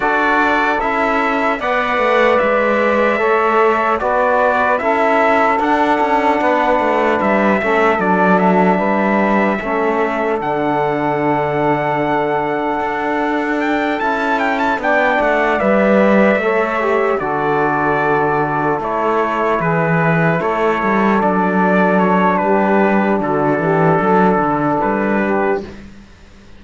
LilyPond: <<
  \new Staff \with { instrumentName = "trumpet" } { \time 4/4 \tempo 4 = 75 d''4 e''4 fis''4 e''4~ | e''4 d''4 e''4 fis''4~ | fis''4 e''4 d''8 e''4.~ | e''4 fis''2.~ |
fis''4 g''8 a''8 g''16 a''16 g''8 fis''8 e''8~ | e''4. d''2 cis''8~ | cis''8 b'4 cis''4 d''4 cis''8 | b'4 a'2 b'4 | }
  \new Staff \with { instrumentName = "saxophone" } { \time 4/4 a'2 d''2 | cis''4 b'4 a'2 | b'4. a'4. b'4 | a'1~ |
a'2~ a'8 d''4.~ | d''8 cis''4 a'2~ a'8~ | a'8 gis'4 a'2~ a'8 | g'4 fis'8 g'8 a'4. g'8 | }
  \new Staff \with { instrumentName = "trombone" } { \time 4/4 fis'4 e'4 b'2 | a'4 fis'4 e'4 d'4~ | d'4. cis'8 d'2 | cis'4 d'2.~ |
d'4. e'4 d'4 b'8~ | b'8 a'8 g'8 fis'2 e'8~ | e'2~ e'8 d'4.~ | d'1 | }
  \new Staff \with { instrumentName = "cello" } { \time 4/4 d'4 cis'4 b8 a8 gis4 | a4 b4 cis'4 d'8 cis'8 | b8 a8 g8 a8 fis4 g4 | a4 d2. |
d'4. cis'4 b8 a8 g8~ | g8 a4 d2 a8~ | a8 e4 a8 g8 fis4. | g4 d8 e8 fis8 d8 g4 | }
>>